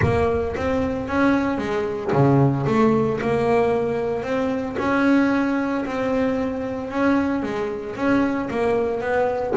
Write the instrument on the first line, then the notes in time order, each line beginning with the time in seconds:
double bass
0.01 A#3
0.56 C4
1.08 C#4
1.58 G#3
2.12 C#3
2.66 A3
3.20 A#3
4.23 C4
4.78 C#4
5.85 C4
6.90 C#4
7.43 G#3
7.95 C#4
8.50 A#3
9.00 B3